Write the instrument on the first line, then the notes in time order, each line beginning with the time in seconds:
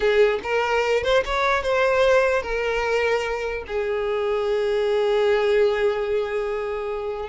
violin
0.00 G#4
0.43 A#4
1.03 C5
1.25 C#5
1.62 C5
2.42 A#4
3.67 G#4